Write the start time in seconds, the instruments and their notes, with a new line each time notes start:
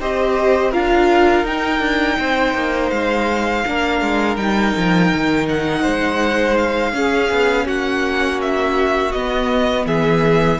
0.00 cello C4, viola G4, violin C5 D#5
0.71 cello D4, viola F4, violin A#4 F5
1.44 cello D#4, viola D#4, violin G5
1.79 cello D4
2.19 cello C4, violin C5
2.55 cello A#3
2.90 cello G#3, violin F5
3.66 cello A#3, viola D4, violin A#4
4.02 cello G#3
4.37 cello G3, viola D#4, violin G5
4.77 cello F3
5.14 cello D#3
5.49 violin F#5
5.82 cello G#3, violin C5
6.58 violin F5
6.93 cello C#4, viola C#4, violin G#4
7.31 cello B3
7.66 cello A#3, violin F#4 F#5
8.41 violin E5
9.12 cello B3, viola B3, violin D#5
9.86 cello E3, violin G#4 E5